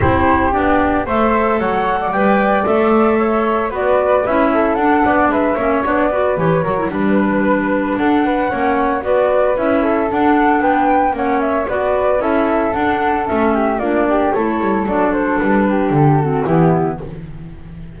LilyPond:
<<
  \new Staff \with { instrumentName = "flute" } { \time 4/4 \tempo 4 = 113 c''4 d''4 e''4 fis''4 | g''4 e''2 d''4 | e''4 fis''4 e''4 d''4 | cis''4 b'2 fis''4~ |
fis''4 d''4 e''4 fis''4 | g''4 fis''8 e''8 d''4 e''4 | fis''4 e''4 d''4 cis''4 | d''8 c''8 b'4 a'4 g'4 | }
  \new Staff \with { instrumentName = "flute" } { \time 4/4 g'2 c''4 cis''8. d''16~ | d''2 cis''4 b'4~ | b'8 a'4 d''8 b'8 cis''4 b'8~ | b'8 ais'8 b'2 a'8 b'8 |
cis''4 b'4. a'4. | b'4 cis''4 b'4 a'4~ | a'4. g'8 f'8 g'8 a'4~ | a'4. g'4 fis'8 e'4 | }
  \new Staff \with { instrumentName = "clarinet" } { \time 4/4 e'4 d'4 a'2 | b'4 a'2 fis'4 | e'4 d'4. cis'8 d'8 fis'8 | g'8 fis'16 e'16 d'2. |
cis'4 fis'4 e'4 d'4~ | d'4 cis'4 fis'4 e'4 | d'4 cis'4 d'4 e'4 | d'2~ d'8 c'8 b4 | }
  \new Staff \with { instrumentName = "double bass" } { \time 4/4 c'4 b4 a4 fis4 | g4 a2 b4 | cis'4 d'8 b8 gis8 ais8 b4 | e8 fis8 g2 d'4 |
ais4 b4 cis'4 d'4 | b4 ais4 b4 cis'4 | d'4 a4 ais4 a8 g8 | fis4 g4 d4 e4 | }
>>